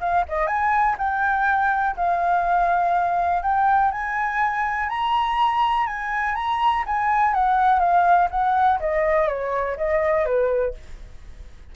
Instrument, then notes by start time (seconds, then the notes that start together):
flute
0.00 F5
0.29 D#5
0.47 G#5
0.98 G5
1.96 F5
3.43 G5
3.91 G#5
4.89 A#5
5.86 G#5
6.35 A#5
6.86 G#5
7.34 F#5
7.79 F5
8.30 F#5
8.80 D#5
9.28 C#5
9.77 D#5
10.25 B4